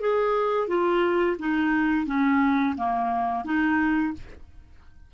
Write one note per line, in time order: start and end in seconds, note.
0.00 0.67 G#4
0.67 1.36 F4
1.39 2.06 D#4
2.06 2.75 C#4
2.77 3.45 A#3
3.45 4.13 D#4